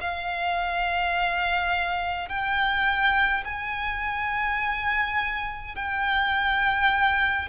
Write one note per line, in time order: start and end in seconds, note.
0.00 2.28 F5
2.28 3.44 G5
3.45 5.75 G#5
5.75 7.48 G5